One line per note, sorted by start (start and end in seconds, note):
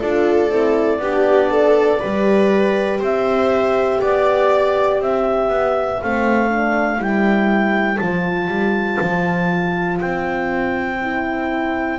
0.00 0.50 D4
0.00 0.50 F4
0.00 1.00 A4
0.00 3.00 D5
0.50 0.99 C4
0.50 1.00 E4
0.99 1.99 B3
0.99 2.01 D4
0.99 1.51 G4
1.51 2.00 A4
2.00 3.01 G3
2.00 6.02 G4
2.00 3.00 B4
3.00 4.01 C4
3.00 4.00 C5
3.00 4.03 E5
4.01 5.00 B3
4.01 5.00 D5
4.01 5.02 D5
5.00 5.49 C4
5.00 11.99 C5
5.00 6.02 E5
5.49 5.99 B3
6.02 6.99 A3
6.02 6.49 C4
6.02 7.02 F5
6.49 6.97 D4
6.97 7.99 G3
6.97 7.97 E4
6.97 7.97 G5
7.97 8.48 F3
7.97 11.00 F4
7.97 9.97 A5
8.48 8.98 G3
9.01 10.01 F3
10.01 11.99 C4
10.01 11.99 G5
11.02 11.99 E4